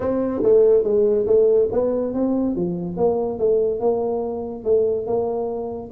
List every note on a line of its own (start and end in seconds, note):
0.00 0.42 C4
0.42 0.83 A3
0.83 1.26 G#3
1.26 1.68 A3
1.72 2.13 B3
2.13 2.55 C4
2.55 2.96 F3
2.96 3.38 A#3
3.38 3.80 A3
3.80 4.64 A#3
4.64 5.06 A3
5.06 5.91 A#3